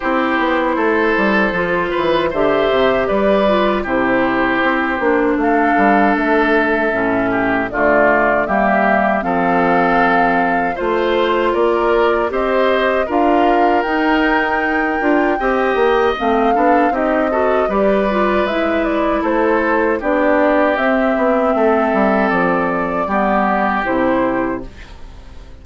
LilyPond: <<
  \new Staff \with { instrumentName = "flute" } { \time 4/4 \tempo 4 = 78 c''2. e''4 | d''4 c''2 f''4 | e''2 d''4 e''4 | f''2 c''4 d''4 |
dis''4 f''4 g''2~ | g''4 f''4 dis''4 d''4 | e''8 d''8 c''4 d''4 e''4~ | e''4 d''2 c''4 | }
  \new Staff \with { instrumentName = "oboe" } { \time 4/4 g'4 a'4. b'8 c''4 | b'4 g'2 a'4~ | a'4. g'8 f'4 g'4 | a'2 c''4 ais'4 |
c''4 ais'2. | dis''4. a'8 g'8 a'8 b'4~ | b'4 a'4 g'2 | a'2 g'2 | }
  \new Staff \with { instrumentName = "clarinet" } { \time 4/4 e'2 f'4 g'4~ | g'8 f'8 e'4. d'4.~ | d'4 cis'4 a4 ais4 | c'2 f'2 |
g'4 f'4 dis'4. f'8 | g'4 c'8 d'8 dis'8 fis'8 g'8 f'8 | e'2 d'4 c'4~ | c'2 b4 e'4 | }
  \new Staff \with { instrumentName = "bassoon" } { \time 4/4 c'8 b8 a8 g8 f8 e8 d8 c8 | g4 c4 c'8 ais8 a8 g8 | a4 a,4 d4 g4 | f2 a4 ais4 |
c'4 d'4 dis'4. d'8 | c'8 ais8 a8 b8 c'4 g4 | gis4 a4 b4 c'8 b8 | a8 g8 f4 g4 c4 | }
>>